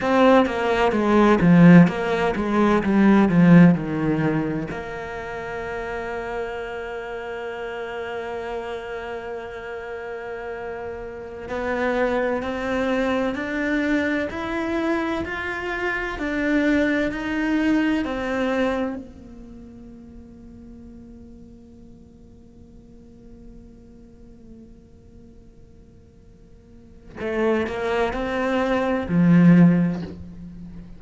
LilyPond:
\new Staff \with { instrumentName = "cello" } { \time 4/4 \tempo 4 = 64 c'8 ais8 gis8 f8 ais8 gis8 g8 f8 | dis4 ais2.~ | ais1~ | ais16 b4 c'4 d'4 e'8.~ |
e'16 f'4 d'4 dis'4 c'8.~ | c'16 ais2.~ ais8.~ | ais1~ | ais4 a8 ais8 c'4 f4 | }